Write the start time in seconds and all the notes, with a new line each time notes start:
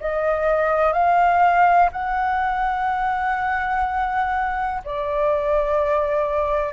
0.00 D#5
0.92 F5
1.92 F#5
4.84 D5